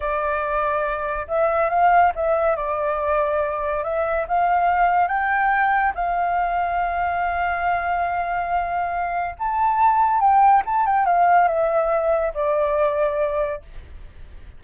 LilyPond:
\new Staff \with { instrumentName = "flute" } { \time 4/4 \tempo 4 = 141 d''2. e''4 | f''4 e''4 d''2~ | d''4 e''4 f''2 | g''2 f''2~ |
f''1~ | f''2 a''2 | g''4 a''8 g''8 f''4 e''4~ | e''4 d''2. | }